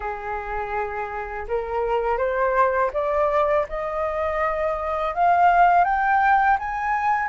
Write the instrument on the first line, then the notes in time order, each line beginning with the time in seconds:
flute
0.00 G#4
1.48 A#4
2.18 C5
2.93 D5
3.69 D#5
5.15 F5
5.84 G5
6.58 G#5